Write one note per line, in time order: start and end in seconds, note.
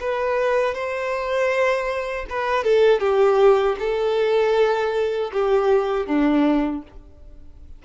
0.00 0.74 B4
0.74 2.26 C5
2.30 2.64 B4
2.64 3.00 A4
3.00 3.76 G4
3.79 5.31 A4
5.33 6.07 G4
6.07 6.83 D4